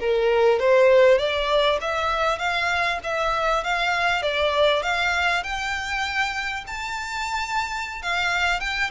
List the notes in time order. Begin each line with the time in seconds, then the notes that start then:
0.00 A#4
0.60 C5
1.19 D5
1.81 E5
2.39 F5
3.04 E5
3.64 F5
4.23 D5
4.83 F5
5.44 G5
6.67 A5
8.02 F5
8.60 G5